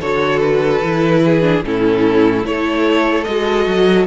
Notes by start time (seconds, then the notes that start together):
0.00 D3 F#4 A4 C#5
0.39 B4
0.82 E3 E4
1.24 G#4
1.42 D4
1.64 A2 C#4 E4 A4
2.43 A3 E4 A4 C#5
3.24 G#3 F#4 D#5
3.67 F#3